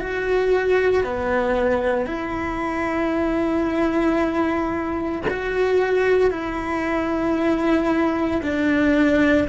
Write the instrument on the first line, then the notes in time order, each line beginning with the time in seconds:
cello
0.00 F#4
1.04 B3
2.07 E4
5.30 F#4
6.31 E4
8.43 D4